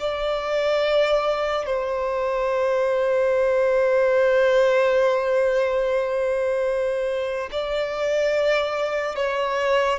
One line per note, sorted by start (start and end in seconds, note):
0.00 1.67 D5
1.67 7.50 C5
7.52 9.16 D5
9.16 9.99 C#5